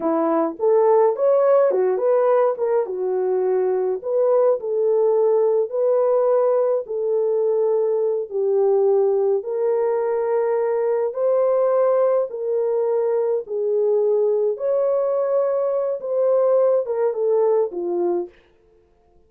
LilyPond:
\new Staff \with { instrumentName = "horn" } { \time 4/4 \tempo 4 = 105 e'4 a'4 cis''4 fis'8 b'8~ | b'8 ais'8 fis'2 b'4 | a'2 b'2 | a'2~ a'8 g'4.~ |
g'8 ais'2. c''8~ | c''4. ais'2 gis'8~ | gis'4. cis''2~ cis''8 | c''4. ais'8 a'4 f'4 | }